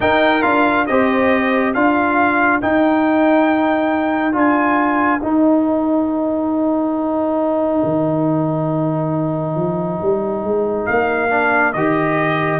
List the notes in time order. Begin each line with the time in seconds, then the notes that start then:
0.00 D#4 A#4 G5
0.42 D4 F4 F5
0.86 C4 G4 C5 D#5
1.73 D4 F4 A#4 F5
2.61 D#4 G5
4.32 D4 F4 G#5
5.22 D#4 G5
7.83 D#3
9.55 F3
10.02 G3
10.43 G#3
10.85 A#3 F5
11.30 D4
11.72 D#3 G4 D#5